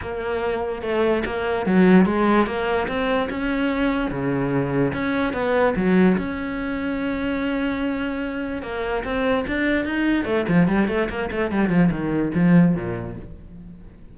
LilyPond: \new Staff \with { instrumentName = "cello" } { \time 4/4 \tempo 4 = 146 ais2 a4 ais4 | fis4 gis4 ais4 c'4 | cis'2 cis2 | cis'4 b4 fis4 cis'4~ |
cis'1~ | cis'4 ais4 c'4 d'4 | dis'4 a8 f8 g8 a8 ais8 a8 | g8 f8 dis4 f4 ais,4 | }